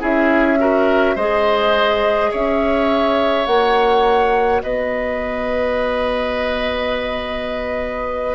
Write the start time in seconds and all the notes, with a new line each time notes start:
0.00 C#4 E4 G#4 E5
0.59 F#4 A#4
1.16 G#3 G#4 C5 D#5
2.32 C#4 C#5 E5
3.46 A#3 F#4 F#5
4.62 B3 B4 D#5